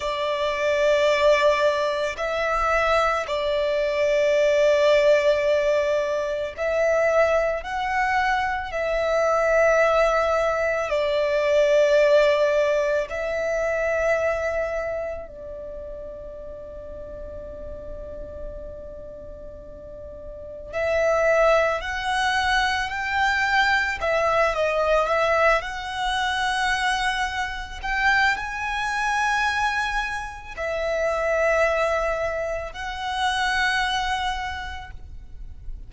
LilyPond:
\new Staff \with { instrumentName = "violin" } { \time 4/4 \tempo 4 = 55 d''2 e''4 d''4~ | d''2 e''4 fis''4 | e''2 d''2 | e''2 d''2~ |
d''2. e''4 | fis''4 g''4 e''8 dis''8 e''8 fis''8~ | fis''4. g''8 gis''2 | e''2 fis''2 | }